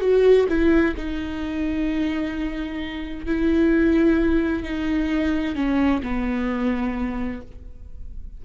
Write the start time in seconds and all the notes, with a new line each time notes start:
0.00 F#4
0.48 E4
0.96 D#4
3.26 E4
4.63 D#4
5.55 C#4
6.03 B3